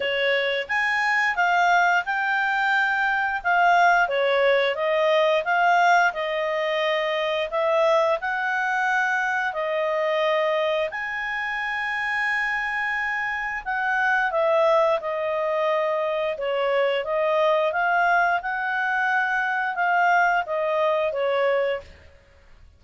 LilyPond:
\new Staff \with { instrumentName = "clarinet" } { \time 4/4 \tempo 4 = 88 cis''4 gis''4 f''4 g''4~ | g''4 f''4 cis''4 dis''4 | f''4 dis''2 e''4 | fis''2 dis''2 |
gis''1 | fis''4 e''4 dis''2 | cis''4 dis''4 f''4 fis''4~ | fis''4 f''4 dis''4 cis''4 | }